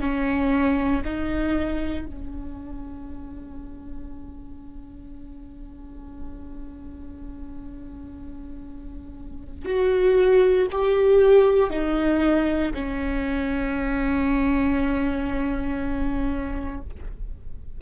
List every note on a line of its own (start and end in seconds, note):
0.00 1.02 C#4
1.04 2.06 D#4
2.06 9.65 C#4
9.65 10.66 F#4
10.71 11.69 G4
11.69 12.71 D#4
12.73 16.80 C#4